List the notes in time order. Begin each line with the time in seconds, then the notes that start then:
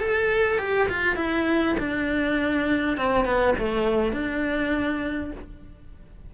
0.00 A4
0.59 G4
0.89 F4
1.16 E4
1.79 D4
2.97 C4
3.25 B3
3.59 A3
4.13 D4